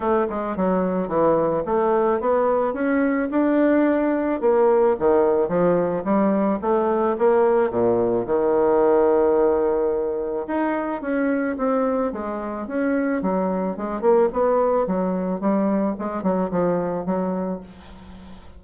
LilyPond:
\new Staff \with { instrumentName = "bassoon" } { \time 4/4 \tempo 4 = 109 a8 gis8 fis4 e4 a4 | b4 cis'4 d'2 | ais4 dis4 f4 g4 | a4 ais4 ais,4 dis4~ |
dis2. dis'4 | cis'4 c'4 gis4 cis'4 | fis4 gis8 ais8 b4 fis4 | g4 gis8 fis8 f4 fis4 | }